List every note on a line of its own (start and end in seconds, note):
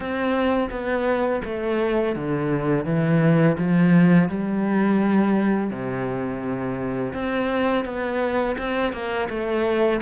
0.00 0.69 C4
0.70 1.42 B3
1.44 2.15 A3
2.15 2.85 D3
2.85 3.56 E3
3.57 4.29 F3
4.29 5.70 G3
5.70 7.13 C3
7.13 7.84 C4
7.84 8.56 B3
8.57 8.92 C4
8.92 9.28 A#3
9.29 10.00 A3